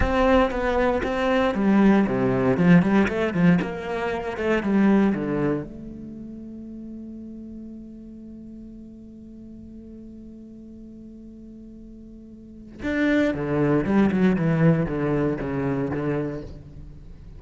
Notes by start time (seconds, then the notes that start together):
0.00 C4
0.50 B3
1.03 C4
1.54 G3
2.07 C3
2.57 F3
2.82 G3
3.07 A3
3.33 F3
3.61 A#3
4.37 A3
4.62 G3
5.14 D3
5.63 A3
12.82 D4
13.34 D3
13.84 G3
14.11 F#3
14.36 E3
14.86 D3
15.40 C#3
15.90 D3